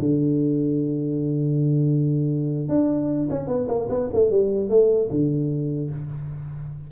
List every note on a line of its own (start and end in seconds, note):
0.00 2.69 D3
2.69 3.29 D4
3.31 3.48 C#4
3.48 3.68 B3
3.69 3.89 A#3
3.90 4.10 B3
4.14 4.31 A3
4.31 4.70 G3
4.70 5.10 A3
5.11 5.91 D3